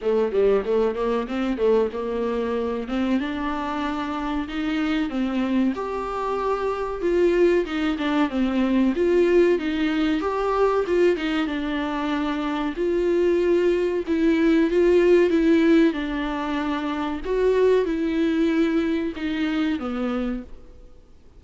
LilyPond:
\new Staff \with { instrumentName = "viola" } { \time 4/4 \tempo 4 = 94 a8 g8 a8 ais8 c'8 a8 ais4~ | ais8 c'8 d'2 dis'4 | c'4 g'2 f'4 | dis'8 d'8 c'4 f'4 dis'4 |
g'4 f'8 dis'8 d'2 | f'2 e'4 f'4 | e'4 d'2 fis'4 | e'2 dis'4 b4 | }